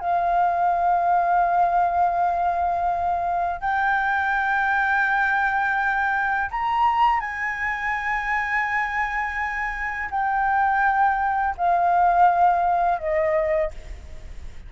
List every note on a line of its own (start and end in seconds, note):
0.00 3.61 F5
3.61 6.50 G5
6.51 7.20 A#5
7.20 10.09 G#5
10.11 11.56 G5
11.58 12.99 F5
12.99 13.71 D#5